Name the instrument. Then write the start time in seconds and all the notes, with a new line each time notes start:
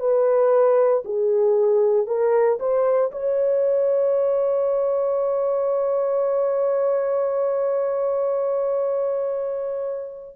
horn
0.00 B4
1.05 G#4
2.07 A#4
2.60 C5
3.12 C#5